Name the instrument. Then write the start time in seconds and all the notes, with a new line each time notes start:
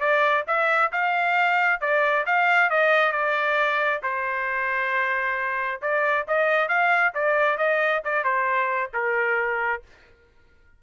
trumpet
0.00 D5
0.47 E5
0.92 F5
1.81 D5
2.26 F5
2.70 D#5
3.12 D5
4.03 C5
5.82 D5
6.27 D#5
6.68 F5
7.14 D5
7.58 D#5
8.04 D5
8.24 C5
8.94 A#4